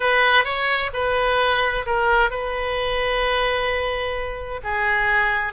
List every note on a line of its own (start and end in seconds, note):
0.00 0.44 B4
0.44 0.90 C#5
0.93 1.85 B4
1.86 2.30 A#4
2.30 4.60 B4
4.63 5.53 G#4